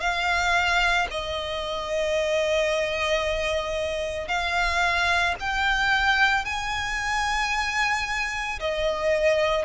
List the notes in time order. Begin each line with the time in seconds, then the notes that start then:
0.00 F5
1.11 D#5
4.28 F5
5.40 G5
6.44 G#5
8.60 D#5